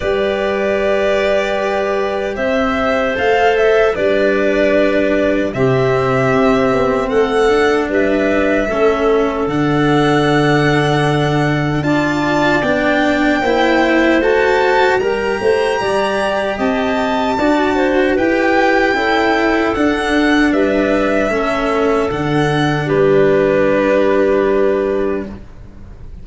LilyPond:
<<
  \new Staff \with { instrumentName = "violin" } { \time 4/4 \tempo 4 = 76 d''2. e''4 | f''8 e''8 d''2 e''4~ | e''4 fis''4 e''2 | fis''2. a''4 |
g''2 a''4 ais''4~ | ais''4 a''2 g''4~ | g''4 fis''4 e''2 | fis''4 b'2. | }
  \new Staff \with { instrumentName = "clarinet" } { \time 4/4 b'2. c''4~ | c''4 b'2 g'4~ | g'4 a'4 b'4 a'4~ | a'2. d''4~ |
d''4 c''2 ais'8 c''8 | d''4 dis''4 d''8 c''8 b'4 | a'2 b'4 a'4~ | a'4 g'2. | }
  \new Staff \with { instrumentName = "cello" } { \time 4/4 g'1 | a'4 d'2 c'4~ | c'4. d'4. cis'4 | d'2. f'4 |
d'4 e'4 fis'4 g'4~ | g'2 fis'4 g'4 | e'4 d'2 cis'4 | d'1 | }
  \new Staff \with { instrumentName = "tuba" } { \time 4/4 g2. c'4 | a4 g2 c4 | c'8 b8 a4 g4 a4 | d2. d'4 |
b4 ais4 a4 g8 a8 | g4 c'4 d'4 e'4 | cis'4 d'4 g4 a4 | d4 g2. | }
>>